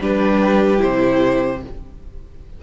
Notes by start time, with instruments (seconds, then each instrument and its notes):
0.00 cello G3, viola D4, violin G4 B4
0.77 cello C3, viola E4, violin C5